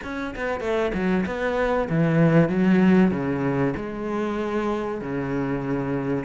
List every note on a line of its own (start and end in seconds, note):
0.03 0.34 C#4
0.35 0.60 B3
0.60 0.91 A3
0.93 1.25 F#3
1.26 1.88 B3
1.89 2.49 E3
2.49 3.11 F#3
3.11 3.73 C#3
3.76 5.01 G#3
5.01 6.24 C#3